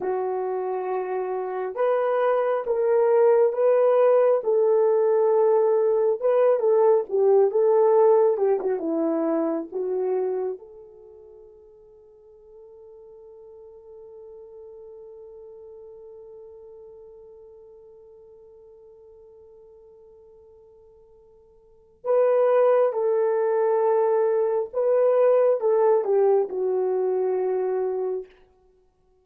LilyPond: \new Staff \with { instrumentName = "horn" } { \time 4/4 \tempo 4 = 68 fis'2 b'4 ais'4 | b'4 a'2 b'8 a'8 | g'8 a'4 g'16 fis'16 e'4 fis'4 | a'1~ |
a'1~ | a'1~ | a'4 b'4 a'2 | b'4 a'8 g'8 fis'2 | }